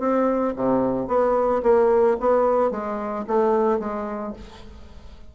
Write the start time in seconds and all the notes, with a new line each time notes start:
0.00 C4
0.56 C3
1.08 B3
1.63 A#3
2.20 B3
2.71 G#3
3.28 A3
3.80 G#3